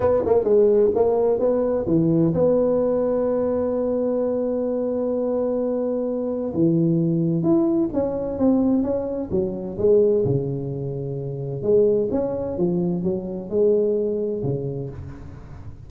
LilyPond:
\new Staff \with { instrumentName = "tuba" } { \time 4/4 \tempo 4 = 129 b8 ais8 gis4 ais4 b4 | e4 b2.~ | b1~ | b2 e2 |
e'4 cis'4 c'4 cis'4 | fis4 gis4 cis2~ | cis4 gis4 cis'4 f4 | fis4 gis2 cis4 | }